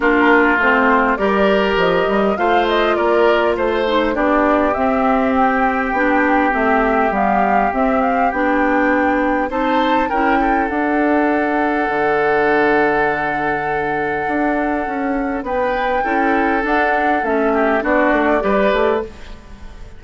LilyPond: <<
  \new Staff \with { instrumentName = "flute" } { \time 4/4 \tempo 4 = 101 ais'4 c''4 d''4 dis''4 | f''8 dis''8 d''4 c''4 d''4 | e''4 g''2 e''4 | f''4 e''8 f''8 g''2 |
a''4 g''4 fis''2~ | fis''1~ | fis''2 g''2 | fis''4 e''4 d''2 | }
  \new Staff \with { instrumentName = "oboe" } { \time 4/4 f'2 ais'2 | c''4 ais'4 c''4 g'4~ | g'1~ | g'1 |
c''4 ais'8 a'2~ a'8~ | a'1~ | a'2 b'4 a'4~ | a'4. g'8 fis'4 b'4 | }
  \new Staff \with { instrumentName = "clarinet" } { \time 4/4 d'4 c'4 g'2 | f'2~ f'8 dis'8 d'4 | c'2 d'4 c'4 | b4 c'4 d'2 |
dis'4 e'4 d'2~ | d'1~ | d'2. e'4 | d'4 cis'4 d'4 g'4 | }
  \new Staff \with { instrumentName = "bassoon" } { \time 4/4 ais4 a4 g4 f8 g8 | a4 ais4 a4 b4 | c'2 b4 a4 | g4 c'4 b2 |
c'4 cis'4 d'2 | d1 | d'4 cis'4 b4 cis'4 | d'4 a4 b8 a8 g8 a8 | }
>>